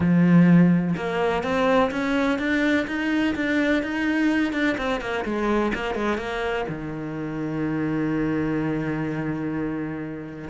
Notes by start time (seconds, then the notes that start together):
0.00 F3
0.96 A#3
1.43 C4
1.91 C#4
2.38 D4
2.87 D#4
3.35 D4
3.82 D#4
4.52 D4
4.77 C4
5.00 A#3
5.24 G#3
5.74 A#3
5.94 G#3
6.17 A#3
6.68 D#3